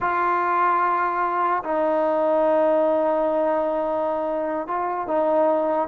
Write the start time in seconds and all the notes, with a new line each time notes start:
0.01 F4
1.63 D#4
4.67 F4
5.07 D#4